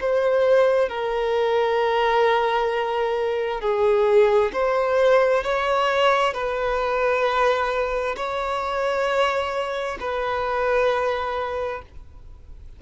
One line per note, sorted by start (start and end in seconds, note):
0.00 0.89 C5
0.89 3.61 A#4
3.61 4.52 G#4
4.52 5.43 C5
5.43 6.33 C#5
6.33 8.15 B4
8.16 9.98 C#5
10.00 11.82 B4